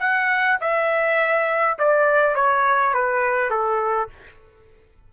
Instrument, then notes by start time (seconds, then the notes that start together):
trumpet
0.00 F#5
0.61 E5
1.79 D5
2.36 C#5
2.94 B4
3.51 A4